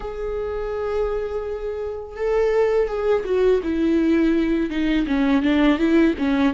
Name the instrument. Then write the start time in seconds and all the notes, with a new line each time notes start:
viola
0.00 G#4
2.16 A4
2.88 G#4
3.24 F#4
3.63 E4
4.70 D#4
5.06 C#4
5.42 D4
5.78 E4
6.18 C#4